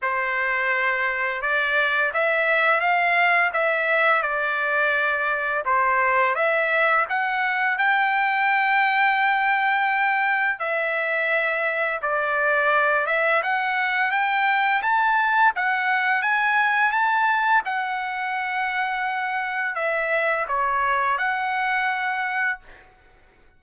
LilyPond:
\new Staff \with { instrumentName = "trumpet" } { \time 4/4 \tempo 4 = 85 c''2 d''4 e''4 | f''4 e''4 d''2 | c''4 e''4 fis''4 g''4~ | g''2. e''4~ |
e''4 d''4. e''8 fis''4 | g''4 a''4 fis''4 gis''4 | a''4 fis''2. | e''4 cis''4 fis''2 | }